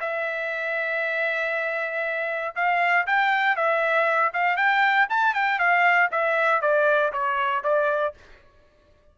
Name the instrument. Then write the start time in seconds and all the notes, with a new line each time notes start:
trumpet
0.00 E5
2.55 F5
3.06 G5
3.56 E5
4.33 F5
4.56 G5
5.09 A5
5.34 G5
5.59 F5
6.11 E5
6.61 D5
7.12 C#5
7.63 D5